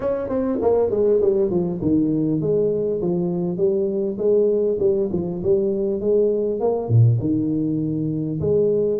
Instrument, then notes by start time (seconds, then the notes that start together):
tuba
0.00 C#4
0.28 C4
0.61 A#3
0.90 G#3
1.21 G3
1.50 F3
1.81 D#3
2.41 G#3
3.01 F3
3.57 G3
4.18 G#3
4.79 G3
5.12 F3
5.42 G3
6.00 G#3
6.59 A#3
6.88 A#2
7.20 D#3
8.40 G#3